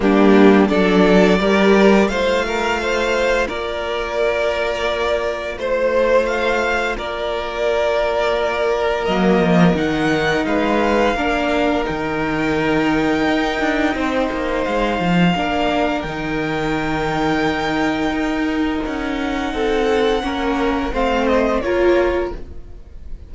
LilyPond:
<<
  \new Staff \with { instrumentName = "violin" } { \time 4/4 \tempo 4 = 86 g'4 d''2 f''4~ | f''4 d''2. | c''4 f''4 d''2~ | d''4 dis''4 fis''4 f''4~ |
f''4 g''2.~ | g''4 f''2 g''4~ | g''2. fis''4~ | fis''2 f''8 dis''8 cis''4 | }
  \new Staff \with { instrumentName = "violin" } { \time 4/4 d'4 a'4 ais'4 c''8 ais'8 | c''4 ais'2. | c''2 ais'2~ | ais'2. b'4 |
ais'1 | c''2 ais'2~ | ais'1 | a'4 ais'4 c''4 ais'4 | }
  \new Staff \with { instrumentName = "viola" } { \time 4/4 ais4 d'4 g'4 f'4~ | f'1~ | f'1~ | f'4 ais4 dis'2 |
d'4 dis'2.~ | dis'2 d'4 dis'4~ | dis'1~ | dis'4 cis'4 c'4 f'4 | }
  \new Staff \with { instrumentName = "cello" } { \time 4/4 g4 fis4 g4 a4~ | a4 ais2. | a2 ais2~ | ais4 fis8 f8 dis4 gis4 |
ais4 dis2 dis'8 d'8 | c'8 ais8 gis8 f8 ais4 dis4~ | dis2 dis'4 cis'4 | c'4 ais4 a4 ais4 | }
>>